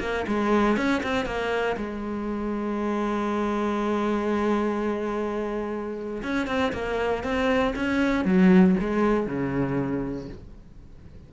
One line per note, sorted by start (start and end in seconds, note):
0.00 0.25 A#3
0.27 0.77 G#3
0.77 1.02 C#4
1.03 1.26 C4
1.26 1.76 A#3
1.77 6.22 G#3
6.23 6.47 C#4
6.47 6.72 C4
6.73 7.23 A#3
7.23 7.74 C4
7.75 8.25 C#4
8.25 8.75 F#3
8.80 9.27 G#3
9.27 10.28 C#3